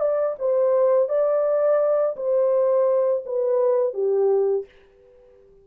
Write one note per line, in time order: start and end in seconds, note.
0.00 0.36 D5
0.39 1.09 C5
1.09 2.16 D5
2.17 3.24 C5
3.26 3.94 B4
3.94 4.65 G4